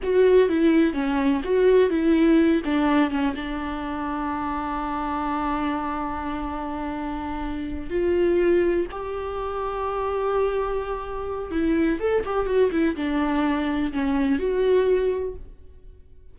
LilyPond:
\new Staff \with { instrumentName = "viola" } { \time 4/4 \tempo 4 = 125 fis'4 e'4 cis'4 fis'4 | e'4. d'4 cis'8 d'4~ | d'1~ | d'1~ |
d'8 f'2 g'4.~ | g'1 | e'4 a'8 g'8 fis'8 e'8 d'4~ | d'4 cis'4 fis'2 | }